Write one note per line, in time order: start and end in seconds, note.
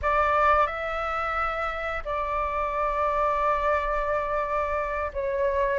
0.02 0.67 D5
0.67 2.03 E5
2.05 5.11 D5
5.13 5.79 C#5